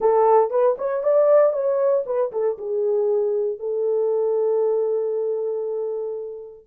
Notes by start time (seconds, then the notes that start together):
0.00 A4
0.50 B4
0.78 C#5
1.03 D5
1.52 C#5
2.05 B4
2.32 A4
2.58 G#4
3.59 A4